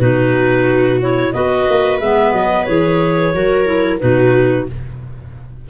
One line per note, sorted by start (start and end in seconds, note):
0.00 1.33 B2
0.00 1.00 D#4
0.00 1.33 F#4
0.00 1.00 B4
1.01 1.34 E4
1.01 1.33 C#5
1.33 1.68 B3
1.33 2.01 F#4
1.33 3.34 B4
1.33 1.99 D#5
1.69 2.00 A#3
2.00 2.33 G#3
2.00 2.68 B3
2.00 2.33 E5
2.33 2.66 F#3
2.33 2.65 D#5
2.65 3.35 E3
2.65 3.34 G#4
2.65 3.98 C#5
3.34 4.02 F#3
3.34 3.65 F#4
3.34 4.02 A#4
3.65 3.99 E4
3.99 4.69 B2
3.99 4.67 D#4
3.99 4.69 F#4
3.99 4.66 B4